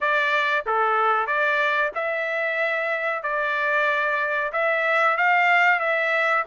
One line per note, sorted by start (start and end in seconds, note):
0.00 0.65 D5
0.66 1.26 A4
1.26 1.91 D5
1.94 3.23 E5
3.23 4.52 D5
4.52 5.17 E5
5.17 5.79 F5
5.79 6.44 E5